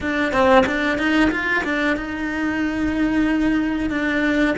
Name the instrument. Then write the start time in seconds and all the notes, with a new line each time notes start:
cello
0.00 D4
0.32 C4
0.66 D4
0.98 D#4
1.30 F4
1.64 D4
1.96 D#4
3.90 D4